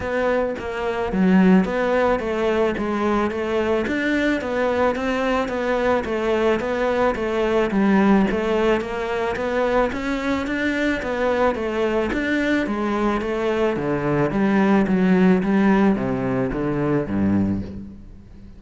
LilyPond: \new Staff \with { instrumentName = "cello" } { \time 4/4 \tempo 4 = 109 b4 ais4 fis4 b4 | a4 gis4 a4 d'4 | b4 c'4 b4 a4 | b4 a4 g4 a4 |
ais4 b4 cis'4 d'4 | b4 a4 d'4 gis4 | a4 d4 g4 fis4 | g4 c4 d4 g,4 | }